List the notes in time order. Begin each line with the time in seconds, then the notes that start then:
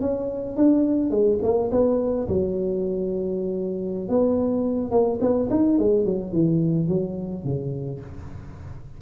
0.00 C#4
0.56 D4
1.10 G#3
1.42 A#3
1.71 B3
2.28 F#3
4.08 B3
4.91 A#3
5.20 B3
5.50 D#4
5.78 G#3
6.05 F#3
6.32 E3
6.88 F#3
7.44 C#3